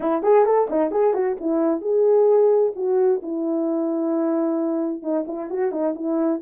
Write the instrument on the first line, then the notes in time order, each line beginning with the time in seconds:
horn
0.00 E4
0.22 G#4
0.45 A4
0.69 D#4
0.91 G#4
1.13 F#4
1.40 E4
1.81 G#4
2.75 F#4
3.22 E4
5.02 D#4
5.27 E4
5.50 F#4
5.71 D#4
5.95 E4